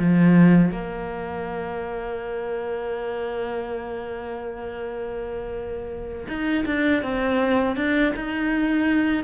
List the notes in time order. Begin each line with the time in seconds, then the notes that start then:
0.00 F3
0.72 A#3
6.28 D#4
6.66 D4
7.03 C4
7.76 D4
8.16 D#4